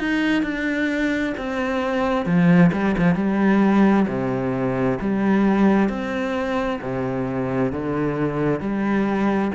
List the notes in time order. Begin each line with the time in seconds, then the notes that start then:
0.00 D#4
0.43 D4
1.38 C4
2.26 F3
2.73 G3
2.98 F3
3.15 G3
4.08 C3
5.01 G3
5.89 C4
6.82 C3
7.72 D3
8.61 G3